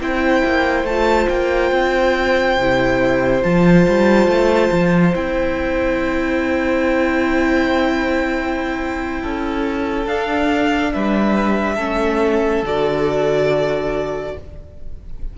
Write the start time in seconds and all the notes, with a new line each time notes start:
0.00 C4 E4 C5 G5
0.44 A#3
0.84 A3 F4 A5
1.29 A#3 G5
1.71 C4
2.57 C3 E4
3.42 F3 F4 A5
3.88 G3
4.27 A3
4.72 F3
5.13 C4 E4 G5
9.21 C#4 A4
10.07 D4 F5
10.93 G3 B4 E5
11.75 A3 C#4 A4
12.62 D3 F#4 D5